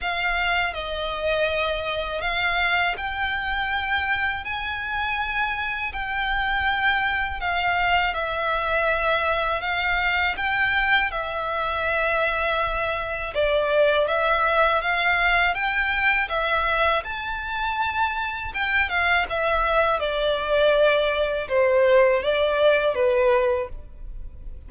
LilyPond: \new Staff \with { instrumentName = "violin" } { \time 4/4 \tempo 4 = 81 f''4 dis''2 f''4 | g''2 gis''2 | g''2 f''4 e''4~ | e''4 f''4 g''4 e''4~ |
e''2 d''4 e''4 | f''4 g''4 e''4 a''4~ | a''4 g''8 f''8 e''4 d''4~ | d''4 c''4 d''4 b'4 | }